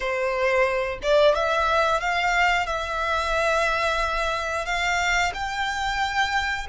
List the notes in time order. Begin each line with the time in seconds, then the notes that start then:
0.00 C5
1.02 D5
1.35 E5
2.00 F5
2.66 E5
4.65 F5
5.34 G5